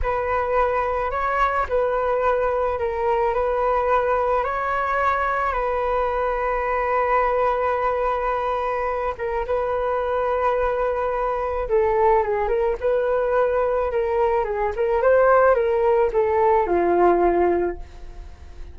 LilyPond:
\new Staff \with { instrumentName = "flute" } { \time 4/4 \tempo 4 = 108 b'2 cis''4 b'4~ | b'4 ais'4 b'2 | cis''2 b'2~ | b'1~ |
b'8 ais'8 b'2.~ | b'4 a'4 gis'8 ais'8 b'4~ | b'4 ais'4 gis'8 ais'8 c''4 | ais'4 a'4 f'2 | }